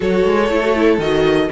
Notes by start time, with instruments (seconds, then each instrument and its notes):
0.00 cello F#3, viola F#4, violin A4 C#5
0.25 cello G#3
0.48 cello A3, viola E4
0.63 viola F#4
0.75 viola E4
0.98 cello D#3, viola F#4, violin D#5